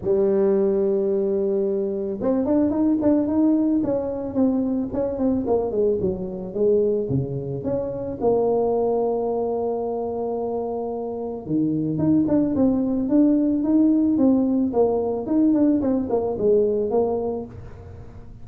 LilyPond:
\new Staff \with { instrumentName = "tuba" } { \time 4/4 \tempo 4 = 110 g1 | c'8 d'8 dis'8 d'8 dis'4 cis'4 | c'4 cis'8 c'8 ais8 gis8 fis4 | gis4 cis4 cis'4 ais4~ |
ais1~ | ais4 dis4 dis'8 d'8 c'4 | d'4 dis'4 c'4 ais4 | dis'8 d'8 c'8 ais8 gis4 ais4 | }